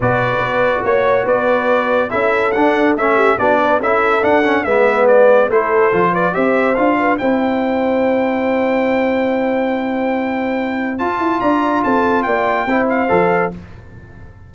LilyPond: <<
  \new Staff \with { instrumentName = "trumpet" } { \time 4/4 \tempo 4 = 142 d''2 cis''4 d''4~ | d''4 e''4 fis''4 e''4 | d''4 e''4 fis''4 e''4 | d''4 c''4. d''8 e''4 |
f''4 g''2.~ | g''1~ | g''2 a''4 ais''4 | a''4 g''4. f''4. | }
  \new Staff \with { instrumentName = "horn" } { \time 4/4 b'2 cis''4 b'4~ | b'4 a'2~ a'8 g'8 | fis'8 b'8 a'2 b'4~ | b'4 a'4. b'8 c''4~ |
c''8 b'8 c''2.~ | c''1~ | c''2. d''4 | a'4 d''4 c''2 | }
  \new Staff \with { instrumentName = "trombone" } { \time 4/4 fis'1~ | fis'4 e'4 d'4 cis'4 | d'4 e'4 d'8 cis'8 b4~ | b4 e'4 f'4 g'4 |
f'4 e'2.~ | e'1~ | e'2 f'2~ | f'2 e'4 a'4 | }
  \new Staff \with { instrumentName = "tuba" } { \time 4/4 b,4 b4 ais4 b4~ | b4 cis'4 d'4 a4 | b4 cis'4 d'4 gis4~ | gis4 a4 f4 c'4 |
d'4 c'2.~ | c'1~ | c'2 f'8 e'8 d'4 | c'4 ais4 c'4 f4 | }
>>